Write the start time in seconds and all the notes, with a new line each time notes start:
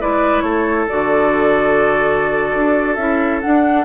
0.00 G#3 E4 B4 D5
0.40 A3 A4 C#5
0.88 D3 F#4 D5
2.54 D4
2.95 C#4 E4 E5
3.41 D4 F#5